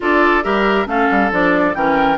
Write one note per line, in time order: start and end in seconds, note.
0.00 0.44 D4
0.00 0.43 F4
0.00 0.43 A4
0.00 0.43 D5
0.43 0.86 G3
0.43 0.86 G4
0.43 0.87 A#4
0.43 0.87 E5
0.86 1.08 A3
0.86 1.30 C#4
0.86 1.76 A4
0.86 1.32 F5
1.10 1.31 G3
1.31 1.74 F3
1.31 1.74 D4
1.31 1.74 D5
1.74 2.17 E3
1.74 2.17 C#4
1.74 2.17 A#4
1.74 2.17 G5